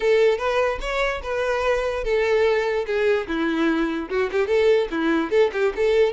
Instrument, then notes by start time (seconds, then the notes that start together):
violin
0.00 A4
0.38 B4
0.80 C#5
1.22 B4
2.04 A4
2.86 G#4
3.27 E4
4.09 F#4
4.32 G4
4.47 A4
4.90 E4
5.30 A4
5.52 G4
5.76 A4